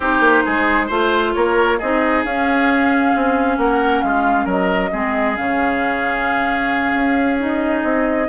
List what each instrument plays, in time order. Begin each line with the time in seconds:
0.00 bassoon C4, clarinet D#4, oboe G4, flute C5
0.20 bassoon A#3
0.45 bassoon G#3, oboe G#4
0.86 bassoon A3, clarinet F4, oboe C5
1.33 bassoon A#3, oboe A#4, flute C#5
1.78 bassoon C4, clarinet D#4, oboe G#4, flute D#5
2.24 bassoon C#4, clarinet C#4, flute F5
3.15 bassoon C4
3.57 bassoon A#3, oboe A#4, flute F#5
4.01 bassoon G#3, oboe F4, flute F5
4.44 bassoon F#3, oboe A#4, flute D#5
4.92 bassoon G#3, clarinet C4, oboe G#4
5.35 bassoon C#3, clarinet C#4, flute F5
6.94 bassoon C#4
7.38 clarinet D#4, flute D#5
7.83 bassoon C4